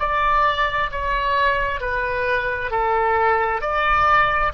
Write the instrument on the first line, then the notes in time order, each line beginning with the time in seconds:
oboe
0.00 D5
0.92 C#5
1.81 B4
2.71 A4
3.62 D5